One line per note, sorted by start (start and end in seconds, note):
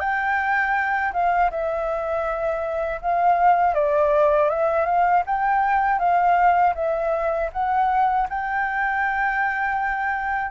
0.00 1.12 G5
1.13 1.51 F5
1.51 3.01 E5
3.02 3.75 F5
3.75 4.50 D5
4.50 4.86 E5
4.86 5.23 F5
5.26 5.99 G5
5.99 6.74 F5
6.75 7.50 E5
7.53 8.28 F#5
8.29 10.51 G5